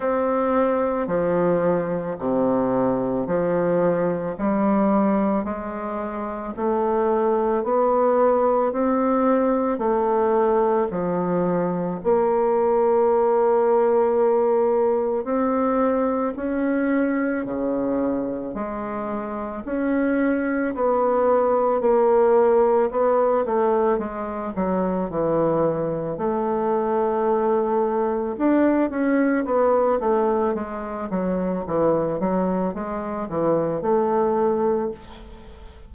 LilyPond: \new Staff \with { instrumentName = "bassoon" } { \time 4/4 \tempo 4 = 55 c'4 f4 c4 f4 | g4 gis4 a4 b4 | c'4 a4 f4 ais4~ | ais2 c'4 cis'4 |
cis4 gis4 cis'4 b4 | ais4 b8 a8 gis8 fis8 e4 | a2 d'8 cis'8 b8 a8 | gis8 fis8 e8 fis8 gis8 e8 a4 | }